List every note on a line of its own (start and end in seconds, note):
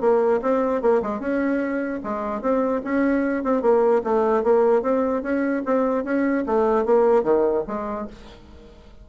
0.00 0.40 A#3
0.41 0.81 C4
0.81 1.01 A#3
1.02 1.19 G#3
1.19 2.00 C#4
2.03 2.41 G#3
2.41 2.81 C4
2.84 3.44 C#4
3.44 3.61 C4
3.61 4.01 A#3
4.03 4.43 A3
4.43 4.82 A#3
4.82 5.22 C4
5.22 5.62 C#4
5.65 6.04 C4
6.04 6.44 C#4
6.46 6.85 A3
6.85 7.23 A#3
7.23 7.63 D#3
7.67 8.07 G#3